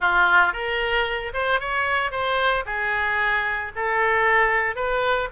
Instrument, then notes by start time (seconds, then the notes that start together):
oboe
0.00 F4
0.52 A#4
1.33 C5
1.60 C#5
2.11 C5
2.65 G#4
3.75 A4
4.75 B4